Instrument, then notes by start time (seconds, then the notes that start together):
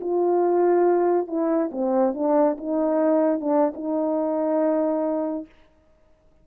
horn
0.00 F4
1.27 E4
1.71 C4
2.14 D4
2.57 D#4
3.40 D4
3.74 D#4